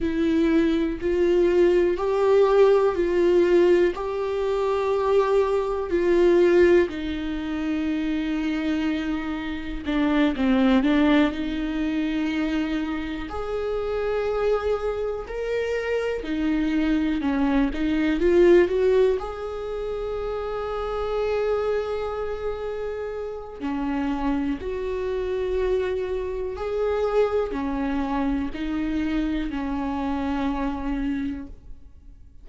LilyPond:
\new Staff \with { instrumentName = "viola" } { \time 4/4 \tempo 4 = 61 e'4 f'4 g'4 f'4 | g'2 f'4 dis'4~ | dis'2 d'8 c'8 d'8 dis'8~ | dis'4. gis'2 ais'8~ |
ais'8 dis'4 cis'8 dis'8 f'8 fis'8 gis'8~ | gis'1 | cis'4 fis'2 gis'4 | cis'4 dis'4 cis'2 | }